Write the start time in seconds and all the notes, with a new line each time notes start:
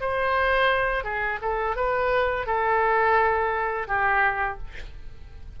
0.00 C5
1.04 G#4
1.41 A4
1.76 B4
2.46 A4
3.87 G4